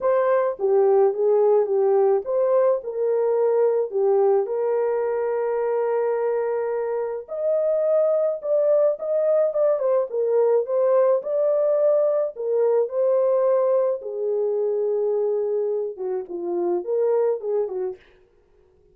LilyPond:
\new Staff \with { instrumentName = "horn" } { \time 4/4 \tempo 4 = 107 c''4 g'4 gis'4 g'4 | c''4 ais'2 g'4 | ais'1~ | ais'4 dis''2 d''4 |
dis''4 d''8 c''8 ais'4 c''4 | d''2 ais'4 c''4~ | c''4 gis'2.~ | gis'8 fis'8 f'4 ais'4 gis'8 fis'8 | }